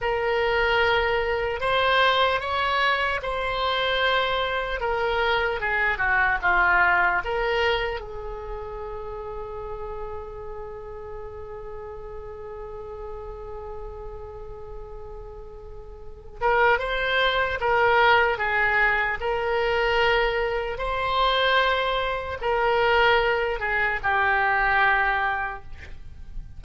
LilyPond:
\new Staff \with { instrumentName = "oboe" } { \time 4/4 \tempo 4 = 75 ais'2 c''4 cis''4 | c''2 ais'4 gis'8 fis'8 | f'4 ais'4 gis'2~ | gis'1~ |
gis'1~ | gis'8 ais'8 c''4 ais'4 gis'4 | ais'2 c''2 | ais'4. gis'8 g'2 | }